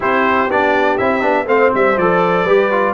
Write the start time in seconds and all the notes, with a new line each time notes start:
0.00 C4 E4 G4 C5
0.49 B3 D4 D5
0.97 C4 E4 E5
1.21 B3 D4
1.46 A3 C4 C5 F5
1.74 G3 E5
1.97 F3 A4 D5
2.44 G3 G4 B4
2.71 F4